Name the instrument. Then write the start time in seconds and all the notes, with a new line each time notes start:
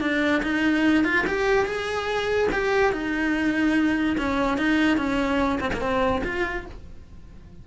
cello
0.00 D4
0.43 D#4
1.04 F4
1.26 G4
1.65 G#4
2.51 G4
2.92 D#4
4.17 C#4
4.57 D#4
4.97 C#4
5.60 C4
5.73 A#3
5.80 C4
6.24 F4